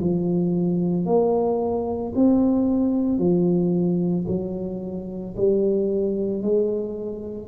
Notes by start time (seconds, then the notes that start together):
0.00 F3
1.06 A#3
2.16 C4
3.19 F3
4.28 F#3
5.37 G3
6.42 G#3